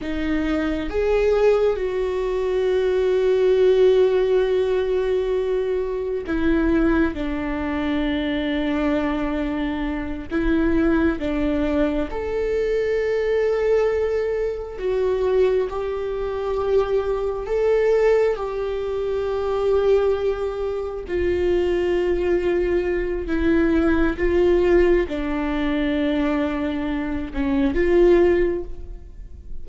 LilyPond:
\new Staff \with { instrumentName = "viola" } { \time 4/4 \tempo 4 = 67 dis'4 gis'4 fis'2~ | fis'2. e'4 | d'2.~ d'8 e'8~ | e'8 d'4 a'2~ a'8~ |
a'8 fis'4 g'2 a'8~ | a'8 g'2. f'8~ | f'2 e'4 f'4 | d'2~ d'8 cis'8 f'4 | }